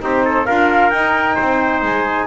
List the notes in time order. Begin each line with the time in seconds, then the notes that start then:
0.00 C4 D#4 G4 C5
0.25 A4
0.46 D4 F4 A#4 F5
0.90 D#4 G5
1.36 C4 C5
1.83 G#3 G#5